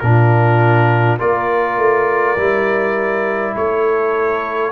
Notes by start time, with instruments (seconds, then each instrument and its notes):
0.00 tuba A#2, trombone D4, horn F4, trumpet A#4
1.18 tuba A#3, trombone F4, horn A#4, trumpet D5
1.77 tuba A3
2.37 tuba G3, trombone E4
3.54 tuba A3, horn A4, trumpet C#5